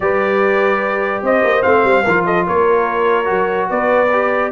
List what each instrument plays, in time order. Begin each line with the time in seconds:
0.00 tuba G3, trombone G4, horn B4, trumpet D5
1.22 tuba C4, horn C5, trumpet D#5
1.44 tuba A#3
1.62 tuba A3, trombone C4, trumpet F5
1.84 tuba G3
2.04 tuba F3, trombone F4, horn A#4
2.24 horn A4, trumpet D#5
2.46 tuba A#3, horn A#4, trumpet C#5
3.24 tuba F#3, trombone F#4
3.69 tuba B3, horn B4, trumpet D5
4.12 trombone G4